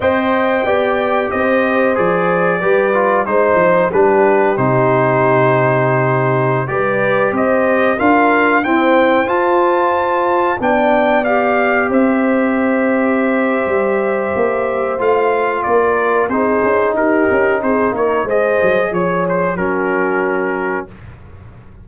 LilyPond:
<<
  \new Staff \with { instrumentName = "trumpet" } { \time 4/4 \tempo 4 = 92 g''2 dis''4 d''4~ | d''4 c''4 b'4 c''4~ | c''2~ c''16 d''4 dis''8.~ | dis''16 f''4 g''4 a''4.~ a''16~ |
a''16 g''4 f''4 e''4.~ e''16~ | e''2. f''4 | d''4 c''4 ais'4 c''8 cis''8 | dis''4 cis''8 c''8 ais'2 | }
  \new Staff \with { instrumentName = "horn" } { \time 4/4 dis''4 d''4 c''2 | b'4 c''4 g'2~ | g'2~ g'16 b'4 c''8.~ | c''16 ais'4 c''2~ c''8.~ |
c''16 d''2 c''4.~ c''16~ | c''1 | ais'4 gis'4 g'4 gis'8 ais'8 | c''4 cis''4 fis'2 | }
  \new Staff \with { instrumentName = "trombone" } { \time 4/4 c''4 g'2 gis'4 | g'8 f'8 dis'4 d'4 dis'4~ | dis'2~ dis'16 g'4.~ g'16~ | g'16 f'4 c'4 f'4.~ f'16~ |
f'16 d'4 g'2~ g'8.~ | g'2. f'4~ | f'4 dis'2. | gis'2 cis'2 | }
  \new Staff \with { instrumentName = "tuba" } { \time 4/4 c'4 b4 c'4 f4 | g4 gis8 f8 g4 c4~ | c2~ c16 g4 c'8.~ | c'16 d'4 e'4 f'4.~ f'16~ |
f'16 b2 c'4.~ c'16~ | c'4 g4 ais4 a4 | ais4 c'8 cis'8 dis'8 cis'8 c'8 ais8 | gis8 fis8 f4 fis2 | }
>>